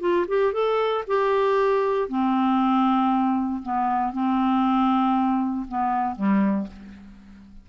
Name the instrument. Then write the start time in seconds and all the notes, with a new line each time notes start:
clarinet
0.00 F4
0.28 G4
0.53 A4
1.07 G4
2.08 C4
3.62 B3
4.13 C4
5.68 B3
6.16 G3